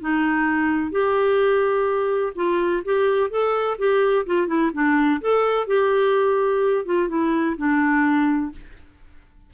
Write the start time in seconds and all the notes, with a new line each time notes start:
0.00 D#4
0.91 G4
2.35 F4
2.84 G4
3.30 A4
3.78 G4
4.26 F4
4.47 E4
4.73 D4
5.21 A4
5.67 G4
6.85 F4
7.08 E4
7.57 D4